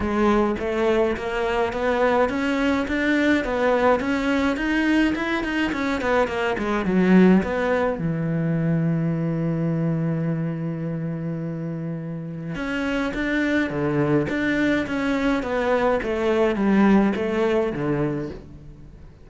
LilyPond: \new Staff \with { instrumentName = "cello" } { \time 4/4 \tempo 4 = 105 gis4 a4 ais4 b4 | cis'4 d'4 b4 cis'4 | dis'4 e'8 dis'8 cis'8 b8 ais8 gis8 | fis4 b4 e2~ |
e1~ | e2 cis'4 d'4 | d4 d'4 cis'4 b4 | a4 g4 a4 d4 | }